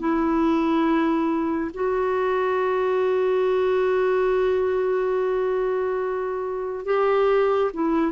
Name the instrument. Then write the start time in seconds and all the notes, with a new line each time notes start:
clarinet
0.00 E4
1.74 F#4
6.86 G4
7.74 E4